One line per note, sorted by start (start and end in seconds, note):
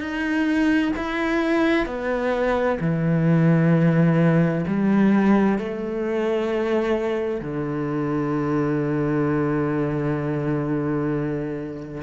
0.00 0.92 D#4
0.97 1.86 E4
1.86 2.78 B3
2.80 4.65 E3
4.67 5.58 G3
5.58 7.41 A3
7.41 12.02 D3